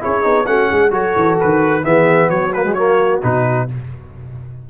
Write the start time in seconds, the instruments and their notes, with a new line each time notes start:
0.00 tuba C#4, trombone E4, horn G#4, trumpet C#5
0.23 tuba B3, trombone D#4
0.46 tuba A3, trombone C#4, horn F#4, trumpet F#5
0.70 tuba G#3, horn G#4
0.91 tuba F#3, trombone F#4, horn A4, trumpet C#5
1.16 tuba E3
1.40 tuba D#3, trumpet B4
1.83 tuba E3, trombone B3, horn G#4, trumpet E5
2.30 tuba F#3, horn F#4, trumpet C#5
2.53 trombone A#3, trumpet B4
2.64 trombone G#3
2.74 trombone A#3, trumpet C#5
3.22 tuba B2, trombone D#4, trumpet B4